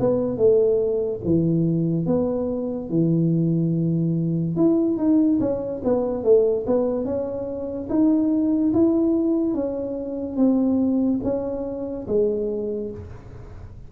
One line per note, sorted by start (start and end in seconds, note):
0.00 0.38 B3
0.38 1.21 A3
1.25 2.06 E3
2.06 2.90 B3
2.90 4.57 E3
4.57 4.98 E4
4.98 5.39 D#4
5.41 5.82 C#4
5.84 6.24 B3
6.24 6.66 A3
6.67 7.05 B3
7.05 7.89 C#4
7.90 8.73 D#4
8.74 9.55 E4
9.55 10.37 C#4
10.37 11.20 C4
11.24 12.07 C#4
12.08 12.91 G#3